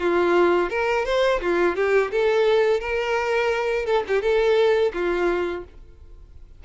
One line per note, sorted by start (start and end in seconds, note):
0.00 0.71 F4
0.71 1.06 A#4
1.06 1.41 C5
1.41 1.76 F4
1.76 2.11 G4
2.12 2.80 A4
2.80 3.86 A#4
3.86 4.04 A4
4.08 4.22 G4
4.22 4.93 A4
4.94 5.65 F4